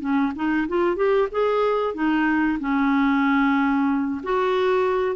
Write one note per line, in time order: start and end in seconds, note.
0.00 0.32 C#4
0.35 0.67 D#4
0.68 0.96 F4
0.96 1.28 G4
1.31 1.94 G#4
1.94 2.58 D#4
2.60 4.21 C#4
4.23 5.16 F#4